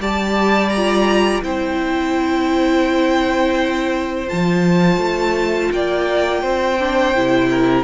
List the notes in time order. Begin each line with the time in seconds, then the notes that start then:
0.00 G3 G4 D5 A5
0.69 A#5
0.77 F4
1.43 C4 E4 C5 G5
4.27 F3 F4 A5
4.98 A3
5.72 A#3 D5 G5
6.42 C4 C5
6.79 D4
7.15 C3 E4
7.51 A#4